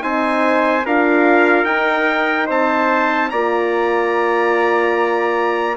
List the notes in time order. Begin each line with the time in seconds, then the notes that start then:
0.00 C4 D#4 C5 G#5
0.85 D4 F4 A#4 F5
1.65 D#4 G5
2.46 C4 C5 A5
3.30 A#3 F4 D5 A#5